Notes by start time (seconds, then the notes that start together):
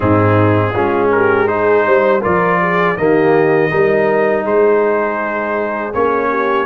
0.00 G#2 C4 D#4 G#4
0.72 G#3 C#4 F4
1.11 G4 A#4
1.46 D#4 G#4 C5
1.85 G3 C5
2.21 F3 F4 A#4 D5
2.61 G#4
2.96 D#3 A#3 G4 D#5
3.70 G3 D#4 A#4
4.43 G#3 G#4 C5
5.93 A#3 C#4 C#5
6.29 G4